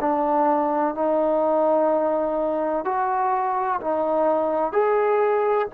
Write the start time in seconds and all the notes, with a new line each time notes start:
0.00 D4
0.94 D#4
2.84 F#4
3.81 D#4
4.72 G#4